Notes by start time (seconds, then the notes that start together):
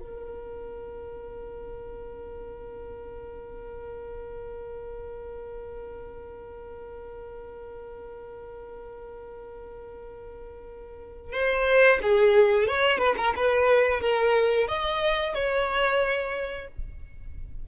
0.00 A#4
11.33 C5
12.02 G#4
12.68 C#5
12.99 B4
13.18 A#4
13.37 B4
14.01 A#4
14.68 D#5
15.35 C#5